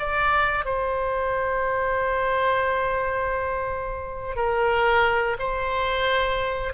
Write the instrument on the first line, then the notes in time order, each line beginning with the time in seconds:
oboe
0.00 D5
0.65 C5
4.36 A#4
5.40 C5